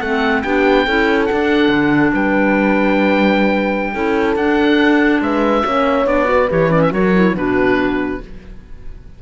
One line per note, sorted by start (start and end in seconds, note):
0.00 0.44 A3
0.00 0.45 C4
0.00 0.43 A4
0.00 0.43 F#5
0.43 0.87 B3
0.43 0.87 D4
0.43 0.85 G4
0.43 1.26 G5
0.85 1.30 C#4
0.85 1.29 E4
0.85 2.13 A4
1.26 3.95 D4
1.26 2.11 F#5
1.32 1.69 D4
1.69 2.12 D3
2.14 3.95 G3
2.14 3.94 B4
2.14 4.37 G5
3.94 4.36 C#4
3.94 4.38 E4
3.94 5.21 A4
4.36 5.21 D4
4.36 5.67 D4
4.36 5.22 F#5
5.21 5.64 G#3
5.21 5.65 B4
5.21 6.08 E5
5.65 6.06 A#3
5.65 6.06 C#4
5.65 6.29 C#5
6.06 6.49 B3
6.06 6.25 D4
6.06 6.50 D5
6.25 6.46 F#4
6.25 6.93 B4
6.50 6.93 E3
6.50 6.71 G4
6.50 6.72 C#5
6.71 6.92 C#4
6.71 6.82 D5
6.82 6.93 E5
6.92 7.34 F#3
6.92 7.13 F#4
6.92 7.36 A#4
6.92 7.37 C#5
7.15 7.36 E4
7.34 8.19 B2
7.34 8.21 D4
7.34 8.22 F#4
7.34 8.23 B4